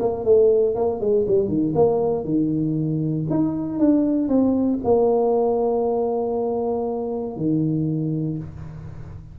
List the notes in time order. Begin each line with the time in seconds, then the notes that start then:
0.00 A#3
0.25 A3
0.76 A#3
1.01 G#3
1.28 G3
1.48 D#3
1.75 A#3
2.25 D#3
3.30 D#4
3.80 D4
4.29 C4
4.84 A#3
7.37 D#3